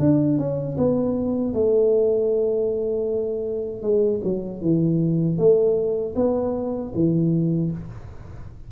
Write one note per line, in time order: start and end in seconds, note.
0.00 0.38 D4
0.38 0.77 C#4
0.78 1.54 B3
1.54 3.83 A3
3.83 4.21 G#3
4.24 4.62 F#3
4.62 5.38 E3
5.38 6.15 A3
6.16 6.93 B3
6.95 7.72 E3